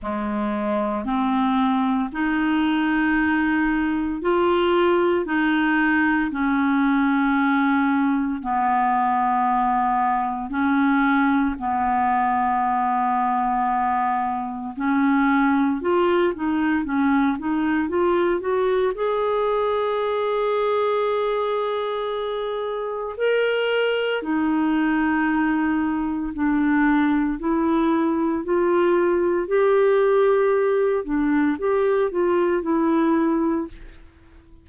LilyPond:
\new Staff \with { instrumentName = "clarinet" } { \time 4/4 \tempo 4 = 57 gis4 c'4 dis'2 | f'4 dis'4 cis'2 | b2 cis'4 b4~ | b2 cis'4 f'8 dis'8 |
cis'8 dis'8 f'8 fis'8 gis'2~ | gis'2 ais'4 dis'4~ | dis'4 d'4 e'4 f'4 | g'4. d'8 g'8 f'8 e'4 | }